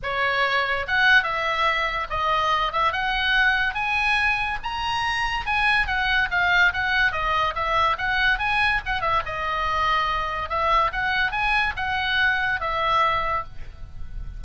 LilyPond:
\new Staff \with { instrumentName = "oboe" } { \time 4/4 \tempo 4 = 143 cis''2 fis''4 e''4~ | e''4 dis''4. e''8 fis''4~ | fis''4 gis''2 ais''4~ | ais''4 gis''4 fis''4 f''4 |
fis''4 dis''4 e''4 fis''4 | gis''4 fis''8 e''8 dis''2~ | dis''4 e''4 fis''4 gis''4 | fis''2 e''2 | }